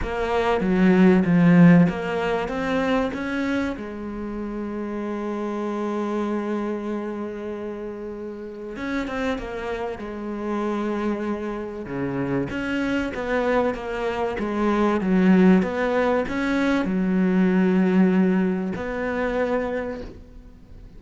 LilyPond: \new Staff \with { instrumentName = "cello" } { \time 4/4 \tempo 4 = 96 ais4 fis4 f4 ais4 | c'4 cis'4 gis2~ | gis1~ | gis2 cis'8 c'8 ais4 |
gis2. cis4 | cis'4 b4 ais4 gis4 | fis4 b4 cis'4 fis4~ | fis2 b2 | }